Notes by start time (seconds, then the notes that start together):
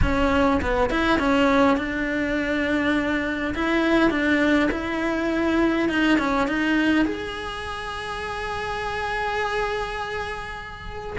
0.02 C#4
0.61 B3
0.90 E4
1.19 C#4
1.77 D4
3.55 E4
4.10 D4
4.71 E4
5.89 D#4
6.18 C#4
6.47 D#4
7.05 G#4